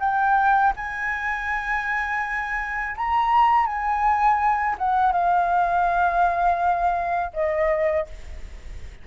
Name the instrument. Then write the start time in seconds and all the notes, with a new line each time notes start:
flute
0.00 G5
0.77 G#5
2.97 A#5
3.67 G#5
4.78 F#5
5.13 F5
7.34 D#5